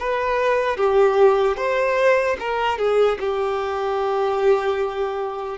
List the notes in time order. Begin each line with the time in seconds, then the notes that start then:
0.00 B4
0.77 G4
1.57 C5
2.40 A#4
2.78 G#4
3.20 G4